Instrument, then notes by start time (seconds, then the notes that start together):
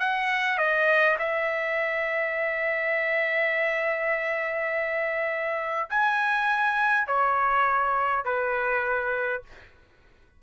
trumpet
0.00 F#5
0.58 D#5
1.19 E5
5.90 G#5
7.08 C#5
8.25 B4